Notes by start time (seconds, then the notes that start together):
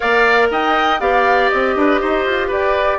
0.00 A#3 A#4 D5 F5
0.50 D#4 D#5 G5
1.00 B3 G4 D5 F5
1.49 C4 D#5
1.75 D4 B4
2.00 D#4 C5
2.25 F4
2.47 G4 B4 D5